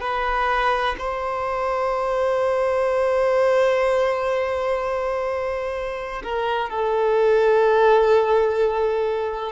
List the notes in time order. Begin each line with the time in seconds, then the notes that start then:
0.00 B4
0.98 C5
6.23 A#4
6.69 A4